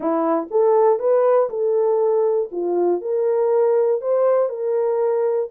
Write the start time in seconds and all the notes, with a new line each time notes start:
0.00 E4
0.50 A4
0.99 B4
1.49 A4
2.51 F4
3.01 A#4
4.01 C5
4.49 A#4